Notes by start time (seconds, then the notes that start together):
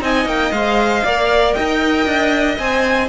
0.00 C4 D#4 D#5 G#5
0.25 A#3 G5
0.52 G#3 C5 F5
1.04 A#3 A#4 D5
1.53 D#4 D#5 G5
2.06 D4
2.58 C4 C5 G#5